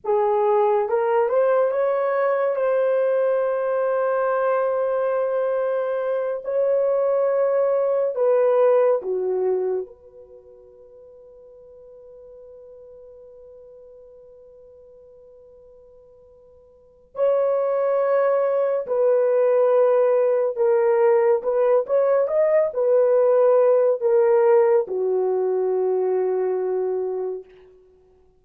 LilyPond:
\new Staff \with { instrumentName = "horn" } { \time 4/4 \tempo 4 = 70 gis'4 ais'8 c''8 cis''4 c''4~ | c''2.~ c''8 cis''8~ | cis''4. b'4 fis'4 b'8~ | b'1~ |
b'1 | cis''2 b'2 | ais'4 b'8 cis''8 dis''8 b'4. | ais'4 fis'2. | }